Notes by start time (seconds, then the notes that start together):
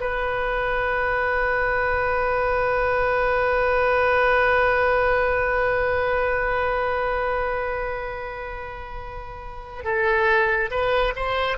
0.00 B4
9.84 A4
10.71 B4
11.16 C5